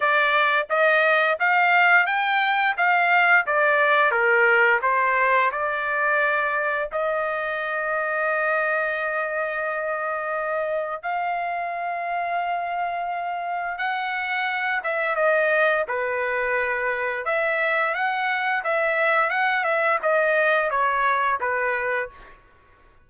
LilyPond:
\new Staff \with { instrumentName = "trumpet" } { \time 4/4 \tempo 4 = 87 d''4 dis''4 f''4 g''4 | f''4 d''4 ais'4 c''4 | d''2 dis''2~ | dis''1 |
f''1 | fis''4. e''8 dis''4 b'4~ | b'4 e''4 fis''4 e''4 | fis''8 e''8 dis''4 cis''4 b'4 | }